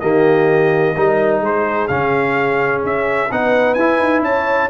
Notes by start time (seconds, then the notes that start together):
0.00 D#3 A#3 G4 D#5
0.94 G3 D#4 A#4
1.41 G#3 G#4 C5
1.88 C#3 C#4 F5
2.83 C#4 E5
3.31 B3 D#4 B4 F#5
3.74 E4 G#5
3.99 D#4
4.22 C#4 C#5 A5